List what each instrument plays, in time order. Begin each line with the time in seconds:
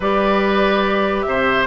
0.00 bassoon G3, clarinet G4, oboe B4, flute D5
1.21 bassoon C3, flute E5
1.28 oboe C5